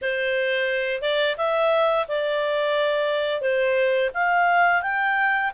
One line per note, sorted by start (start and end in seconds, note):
0.01 1.01 C5
1.01 1.36 D5
1.37 2.06 E5
2.08 3.41 D5
3.41 4.10 C5
4.14 4.82 F5
4.82 5.51 G5